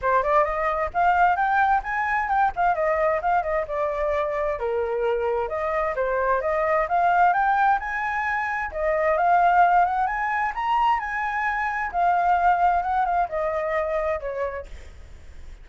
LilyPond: \new Staff \with { instrumentName = "flute" } { \time 4/4 \tempo 4 = 131 c''8 d''8 dis''4 f''4 g''4 | gis''4 g''8 f''8 dis''4 f''8 dis''8 | d''2 ais'2 | dis''4 c''4 dis''4 f''4 |
g''4 gis''2 dis''4 | f''4. fis''8 gis''4 ais''4 | gis''2 f''2 | fis''8 f''8 dis''2 cis''4 | }